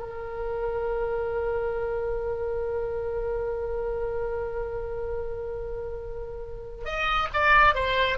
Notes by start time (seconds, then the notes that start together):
0.00 A#4
6.85 D#5
7.34 D5
7.75 C5